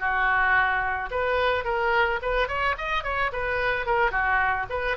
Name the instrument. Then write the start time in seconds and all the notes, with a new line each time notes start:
oboe
0.00 F#4
1.11 B4
1.65 A#4
2.22 B4
2.48 C#5
2.78 D#5
3.04 C#5
3.33 B4
3.86 A#4
4.11 F#4
4.70 B4